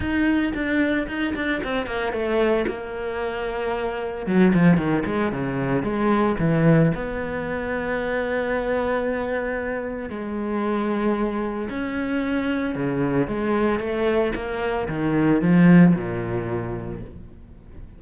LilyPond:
\new Staff \with { instrumentName = "cello" } { \time 4/4 \tempo 4 = 113 dis'4 d'4 dis'8 d'8 c'8 ais8 | a4 ais2. | fis8 f8 dis8 gis8 cis4 gis4 | e4 b2.~ |
b2. gis4~ | gis2 cis'2 | cis4 gis4 a4 ais4 | dis4 f4 ais,2 | }